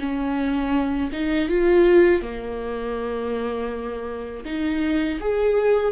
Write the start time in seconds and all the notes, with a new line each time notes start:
0.00 C#4
1.12 D#4
1.49 F4
2.22 A#3
4.45 D#4
5.21 G#4